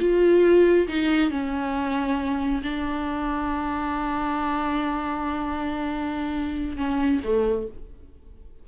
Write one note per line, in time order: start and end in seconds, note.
0.00 0.88 F4
0.88 1.31 D#4
1.31 2.62 C#4
2.63 6.77 D4
6.77 7.21 C#4
7.24 7.68 A3